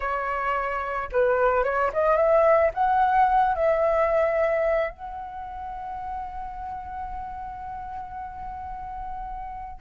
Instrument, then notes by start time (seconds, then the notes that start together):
flute
0.00 C#5
1.12 B4
1.63 C#5
1.93 D#5
2.16 E5
2.73 F#5
3.55 E5
4.90 F#5